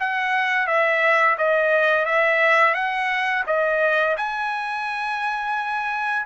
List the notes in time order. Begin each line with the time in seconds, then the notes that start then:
0.00 F#5
0.67 E5
1.38 D#5
2.05 E5
2.74 F#5
3.47 D#5
4.17 G#5